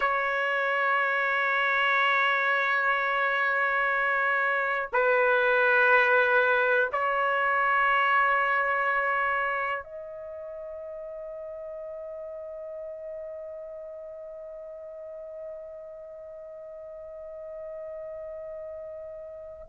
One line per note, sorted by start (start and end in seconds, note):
0.00 4.88 C#5
4.92 6.89 B4
6.92 9.83 C#5
9.83 19.66 D#5